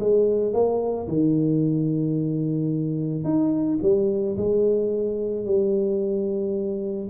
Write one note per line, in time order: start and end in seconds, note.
0.00 0.53 G#3
0.53 1.08 A#3
1.08 3.25 D#3
3.25 3.79 D#4
3.83 4.37 G3
4.37 5.46 G#3
5.46 7.10 G3